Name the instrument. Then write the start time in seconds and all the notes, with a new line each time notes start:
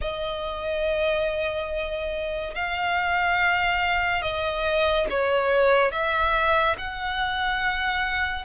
violin
0.01 D#5
2.54 F5
4.22 D#5
5.09 C#5
5.91 E5
6.78 F#5